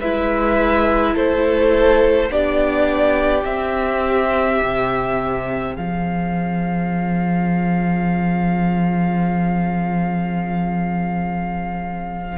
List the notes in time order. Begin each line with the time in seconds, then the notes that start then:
0.00 G#3 E4 B4 E5
1.15 A3 A4 C5
2.29 B3 D4 G4 D5
3.44 C4 E5
4.62 C3
5.75 F3 G#4 F5